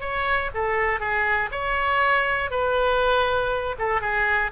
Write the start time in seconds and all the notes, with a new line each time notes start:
0.00 C#5
0.54 A4
1.00 G#4
1.51 C#5
2.50 B4
3.79 A4
4.01 G#4